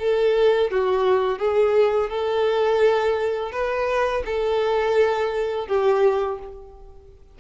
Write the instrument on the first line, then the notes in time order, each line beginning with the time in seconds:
violin
0.00 A4
0.71 F#4
1.39 G#4
2.10 A4
3.52 B4
4.26 A4
5.68 G4